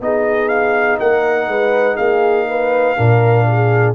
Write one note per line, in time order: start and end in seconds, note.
0.00 0.98 B3
0.00 2.97 D#4
0.00 0.99 G#4
0.00 0.48 D#5
0.48 0.97 F5
0.99 1.47 A#3
0.99 1.49 A#4
0.99 1.96 F#5
1.47 1.97 G#3
1.47 1.95 B4
1.95 2.96 A#3
1.95 2.45 G#4
1.95 3.93 F5
2.48 2.96 B4
2.96 3.95 A#2
2.96 3.95 D4
2.96 3.45 A#4
3.46 3.95 G#4